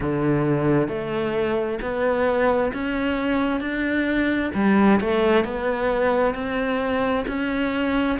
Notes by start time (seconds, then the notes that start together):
0.00 D3
0.88 A3
1.81 B3
2.73 C#4
3.60 D4
4.54 G3
5.00 A3
5.44 B3
6.34 C4
7.27 C#4